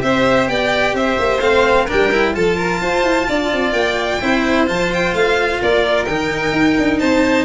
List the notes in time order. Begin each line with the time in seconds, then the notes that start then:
0.00 C4 G4 C5 E5
0.47 B3 D5 G5
0.94 C4 C5 E5
1.19 A#3
1.40 A3 C4 F5
1.86 D4 A#4 G5
1.93 G3
2.12 E4
2.34 F3 F4 A4 A5
2.57 A#4
2.81 F4 C5
3.03 E4
3.28 D4 D5
3.52 C4
3.72 A#3 G5
4.21 C4 E4 C5
4.67 F3 F4 A5
4.94 G5
5.14 A3 F5
5.62 A#3 A#4 D5
6.05 D#3 D#4 G5
6.52 D#4
6.78 D4
7.00 C4 C5 A5